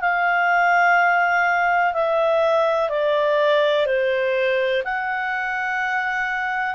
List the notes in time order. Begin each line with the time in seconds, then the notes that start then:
0.00 F5
1.94 E5
2.89 D5
3.86 C5
4.84 F#5